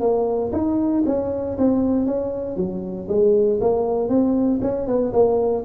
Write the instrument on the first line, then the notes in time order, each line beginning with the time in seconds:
tuba
0.00 A#3
0.52 D#4
1.06 C#4
1.58 C4
2.06 C#4
2.56 F#3
3.08 G#3
3.61 A#3
4.09 C4
4.62 C#4
4.86 B3
5.12 A#3